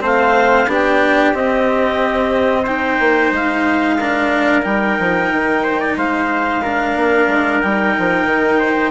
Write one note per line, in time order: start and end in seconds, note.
0.00 0.67 A3
0.00 0.66 C4
0.00 0.68 C5
0.00 0.72 F5
0.67 1.33 B3
0.67 1.34 D4
0.67 2.63 G4
0.67 1.35 G5
1.34 2.99 C4
1.34 2.66 C4
1.34 2.66 D#5
2.63 3.99 D#4
2.63 3.95 C5
2.63 3.32 G5
3.00 3.31 A#3
3.31 4.63 G#3
3.31 4.63 F5
3.99 4.62 D4
3.99 5.63 A#4
4.62 4.98 G3
4.62 6.60 D#4
4.62 5.95 G5
4.99 5.32 F3
5.32 5.96 D#3
5.63 5.80 C5
5.80 5.96 D5
5.96 6.95 G#3
5.96 6.62 C5
5.96 7.61 F5
6.62 7.63 D4
6.62 8.59 A#4
6.95 7.27 A#3
7.27 7.60 G#3
7.61 7.96 G3
7.61 8.90 D#4
7.61 8.90 G5
7.98 8.25 F3
8.25 8.90 D#3
8.59 8.90 C5